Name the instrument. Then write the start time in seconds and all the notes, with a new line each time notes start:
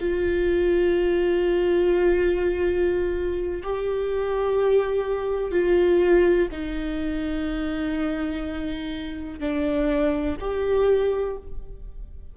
viola
0.00 F4
3.63 G4
5.52 F4
6.52 D#4
9.40 D4
10.40 G4